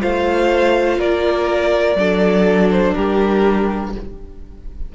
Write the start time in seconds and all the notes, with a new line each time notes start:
0.00 A3 F4 C5 F5
0.98 A#3 A#4 D5
1.95 F#3 D4 A4
2.71 C5
2.94 G3 G4 A#4